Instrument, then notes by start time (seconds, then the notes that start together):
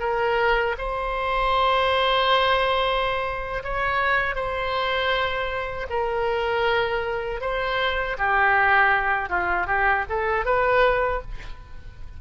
oboe
0.00 A#4
0.79 C5
3.64 C#5
4.36 C5
5.90 A#4
7.41 C5
8.19 G4
9.30 F4
9.67 G4
10.10 A4
10.46 B4